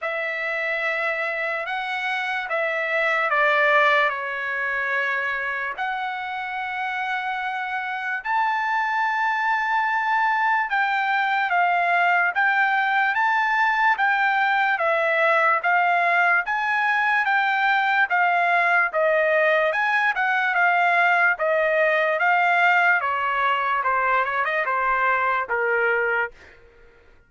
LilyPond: \new Staff \with { instrumentName = "trumpet" } { \time 4/4 \tempo 4 = 73 e''2 fis''4 e''4 | d''4 cis''2 fis''4~ | fis''2 a''2~ | a''4 g''4 f''4 g''4 |
a''4 g''4 e''4 f''4 | gis''4 g''4 f''4 dis''4 | gis''8 fis''8 f''4 dis''4 f''4 | cis''4 c''8 cis''16 dis''16 c''4 ais'4 | }